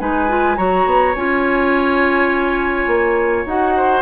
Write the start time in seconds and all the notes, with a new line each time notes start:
0.00 G#3 D#4 B4 G#5
0.28 F4
0.57 F#3 F#4 C#5 A#5
0.86 B3
1.15 C#4 F4 G#5
2.87 A#3
3.46 D#4 F#4 F#5
3.77 C5